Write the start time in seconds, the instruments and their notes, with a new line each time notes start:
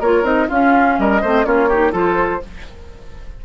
0.00 bassoon A#3, clarinet F4, oboe A#4, flute C#5
0.23 bassoon C4, clarinet D#4, flute D#5
0.48 bassoon C#4, clarinet C#4, oboe F4, flute F5
0.98 bassoon G3, oboe A#4, flute D#5
1.21 bassoon A3, clarinet C4, oboe C5
1.44 bassoon A#3, clarinet C#4, oboe F4, flute C#5
1.69 clarinet D#4, oboe G4
1.92 bassoon F3, clarinet F4, oboe A4, flute C5